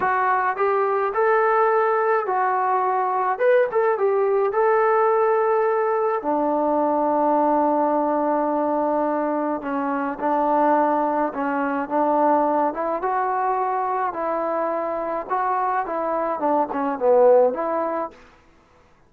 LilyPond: \new Staff \with { instrumentName = "trombone" } { \time 4/4 \tempo 4 = 106 fis'4 g'4 a'2 | fis'2 b'8 a'8 g'4 | a'2. d'4~ | d'1~ |
d'4 cis'4 d'2 | cis'4 d'4. e'8 fis'4~ | fis'4 e'2 fis'4 | e'4 d'8 cis'8 b4 e'4 | }